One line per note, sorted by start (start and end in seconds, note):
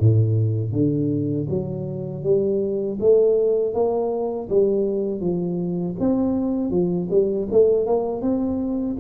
0.00 0.72 A2
0.72 1.47 D3
1.49 2.24 F#3
2.24 2.99 G3
3.00 3.74 A3
3.74 4.49 A#3
4.49 5.21 G3
5.21 5.96 F3
6.00 6.71 C4
6.71 7.08 F3
7.10 7.48 G3
7.51 7.86 A3
7.86 8.22 A#3
8.22 8.97 C4